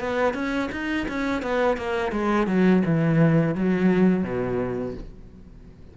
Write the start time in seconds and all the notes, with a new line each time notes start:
0.00 B3
0.34 C#4
0.72 D#4
1.08 C#4
1.42 B3
1.77 A#3
2.12 G#3
2.47 F#3
2.86 E3
3.55 F#3
4.24 B2